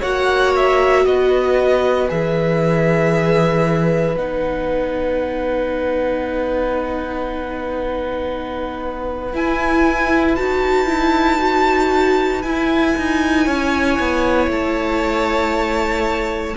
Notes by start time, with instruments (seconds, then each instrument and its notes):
0.00 cello A#3, viola F#4, violin C#5 F#5
0.56 violin E5
1.06 cello B3, violin B4 D#5
2.09 cello E3, viola G#4, violin E5
4.16 cello B3, viola D#4, violin F#5
9.33 viola E4, cello E4, violin G#5
10.36 cello D#4, viola F#4, violin A5
10.87 viola E4
11.38 viola F#4
12.42 viola E4, cello E4, violin G#5
12.97 cello D#4
13.45 cello C#4, violin C#5
13.99 cello B3
14.47 cello A3, violin A5